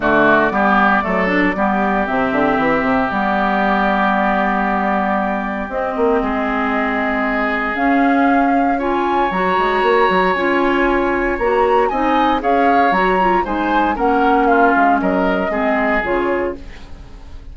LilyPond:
<<
  \new Staff \with { instrumentName = "flute" } { \time 4/4 \tempo 4 = 116 d''1 | e''2 d''2~ | d''2. dis''4~ | dis''2. f''4~ |
f''4 gis''4 ais''2 | gis''2 ais''4 gis''4 | f''4 ais''4 gis''4 fis''4 | f''4 dis''2 cis''4 | }
  \new Staff \with { instrumentName = "oboe" } { \time 4/4 fis'4 g'4 a'4 g'4~ | g'1~ | g'1 | gis'1~ |
gis'4 cis''2.~ | cis''2. dis''4 | cis''2 c''4 ais'4 | f'4 ais'4 gis'2 | }
  \new Staff \with { instrumentName = "clarinet" } { \time 4/4 a4 b4 a8 d'8 b4 | c'2 b2~ | b2. c'4~ | c'2. cis'4~ |
cis'4 f'4 fis'2 | f'2 fis'4 dis'4 | gis'4 fis'8 f'8 dis'4 cis'4~ | cis'2 c'4 f'4 | }
  \new Staff \with { instrumentName = "bassoon" } { \time 4/4 d4 g4 fis4 g4 | c8 d8 e8 c8 g2~ | g2. c'8 ais8 | gis2. cis'4~ |
cis'2 fis8 gis8 ais8 fis8 | cis'2 ais4 c'4 | cis'4 fis4 gis4 ais4~ | ais8 gis8 fis4 gis4 cis4 | }
>>